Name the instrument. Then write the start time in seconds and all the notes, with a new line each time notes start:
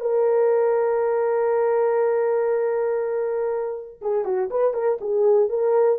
horn
0.00 A#4
4.01 G#4
4.24 F#4
4.50 B4
4.73 A#4
5.00 G#4
5.49 A#4